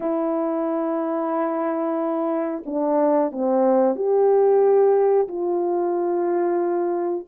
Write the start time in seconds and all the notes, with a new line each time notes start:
0.00 E4
2.65 D4
3.31 C4
3.95 G4
5.28 F4